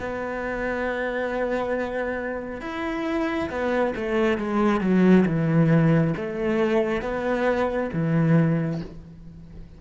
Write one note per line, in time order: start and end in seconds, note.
0.00 2.61 B3
2.61 3.50 E4
3.50 3.94 B3
3.96 4.38 A3
4.38 4.81 G#3
4.81 5.25 F#3
5.26 6.14 E3
6.17 7.02 A3
7.02 7.90 B3
7.93 8.82 E3